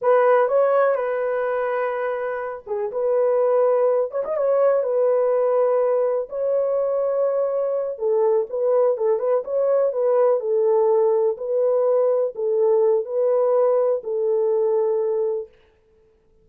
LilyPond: \new Staff \with { instrumentName = "horn" } { \time 4/4 \tempo 4 = 124 b'4 cis''4 b'2~ | b'4. gis'8 b'2~ | b'8 cis''16 dis''16 cis''4 b'2~ | b'4 cis''2.~ |
cis''8 a'4 b'4 a'8 b'8 cis''8~ | cis''8 b'4 a'2 b'8~ | b'4. a'4. b'4~ | b'4 a'2. | }